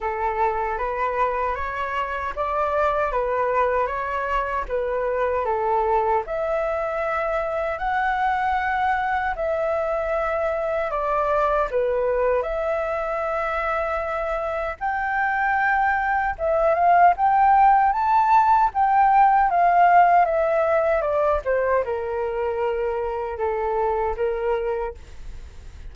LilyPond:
\new Staff \with { instrumentName = "flute" } { \time 4/4 \tempo 4 = 77 a'4 b'4 cis''4 d''4 | b'4 cis''4 b'4 a'4 | e''2 fis''2 | e''2 d''4 b'4 |
e''2. g''4~ | g''4 e''8 f''8 g''4 a''4 | g''4 f''4 e''4 d''8 c''8 | ais'2 a'4 ais'4 | }